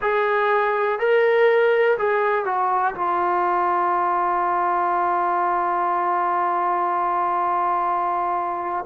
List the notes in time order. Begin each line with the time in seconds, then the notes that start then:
0.01 G#4
0.99 A#4
1.98 G#4
2.45 F#4
2.95 F4